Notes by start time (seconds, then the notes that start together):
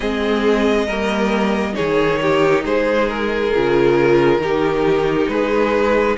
0.00 G#3 C4 G#4 D#5
0.86 G3 A#3 A#4
1.73 D#3 D#4 G#4 C#5
2.21 G4
2.64 G#3 G#4 C5
3.09 A#4
3.55 C#3 F4
4.38 D#3 D#4 G4
5.28 G#3 G#4 B4